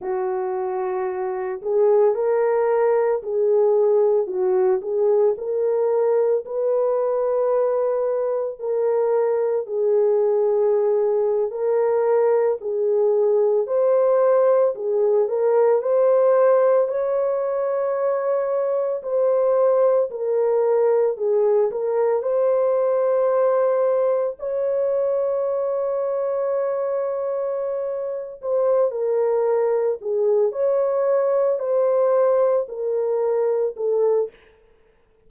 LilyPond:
\new Staff \with { instrumentName = "horn" } { \time 4/4 \tempo 4 = 56 fis'4. gis'8 ais'4 gis'4 | fis'8 gis'8 ais'4 b'2 | ais'4 gis'4.~ gis'16 ais'4 gis'16~ | gis'8. c''4 gis'8 ais'8 c''4 cis''16~ |
cis''4.~ cis''16 c''4 ais'4 gis'16~ | gis'16 ais'8 c''2 cis''4~ cis''16~ | cis''2~ cis''8 c''8 ais'4 | gis'8 cis''4 c''4 ais'4 a'8 | }